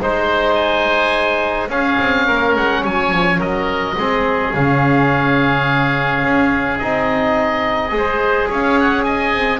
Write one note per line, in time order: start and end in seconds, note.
0.00 1.68 G#3
0.00 1.70 D#4
0.00 0.55 C5
0.00 1.70 C5
0.55 1.68 G#5
1.68 1.97 C#4
1.68 3.96 C#4
1.68 2.26 G#4
1.68 2.56 F5
1.99 2.28 C4
2.27 2.56 A#3
2.27 2.82 A#4
2.56 2.84 G#3
2.56 2.85 F#5
2.82 3.10 F#3
2.82 3.38 C#5
2.82 3.41 G#5
3.10 3.39 F3
3.39 3.95 F#3
3.39 3.95 A#4
3.39 4.54 D#5
3.97 4.54 G#3
3.97 4.55 C4
3.97 7.94 G#4
4.55 6.23 C#3
4.55 6.81 C#4
4.55 6.78 F5
6.23 6.80 C#4
6.78 7.91 C4
6.78 7.90 D#4
6.78 8.48 D#5
7.90 8.48 G#3
7.90 9.60 G#4
7.97 8.49 C5
8.49 9.34 C#4
8.49 9.06 C#5
8.49 8.80 F5
8.80 9.03 F#5
9.03 9.60 D#5
9.03 9.60 G#5
9.34 9.60 C4